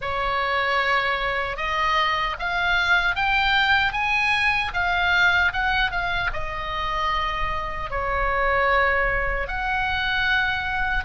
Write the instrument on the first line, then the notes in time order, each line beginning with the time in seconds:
oboe
0.01 C#5
1.56 D#5
2.39 F5
3.15 G5
3.92 G#5
4.73 F5
5.53 F#5
5.91 F5
6.33 D#5
7.90 C#5
9.47 F#5